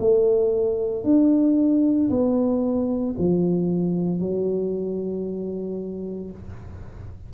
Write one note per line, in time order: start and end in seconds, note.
0.00 1.04 A3
1.04 2.10 D4
2.10 3.15 B3
3.19 4.20 F3
4.20 6.31 F#3